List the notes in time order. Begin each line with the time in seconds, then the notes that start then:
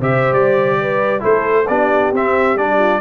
0.00 C3 G4 C5 E5
0.32 G3 D5
0.81 B4
1.20 A3 E4 A4 C5
1.68 B3 D4 G4 D5
2.12 C4 E5
2.56 G3 D4 D5
2.79 F4